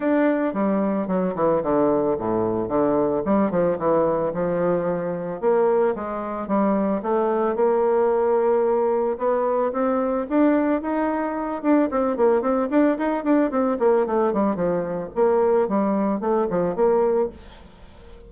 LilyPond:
\new Staff \with { instrumentName = "bassoon" } { \time 4/4 \tempo 4 = 111 d'4 g4 fis8 e8 d4 | a,4 d4 g8 f8 e4 | f2 ais4 gis4 | g4 a4 ais2~ |
ais4 b4 c'4 d'4 | dis'4. d'8 c'8 ais8 c'8 d'8 | dis'8 d'8 c'8 ais8 a8 g8 f4 | ais4 g4 a8 f8 ais4 | }